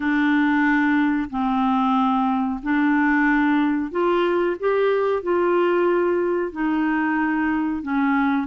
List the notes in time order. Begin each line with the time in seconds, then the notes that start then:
0.00 D4
1.30 C4
2.62 D4
3.91 F4
4.59 G4
5.23 F4
6.52 D#4
7.82 C#4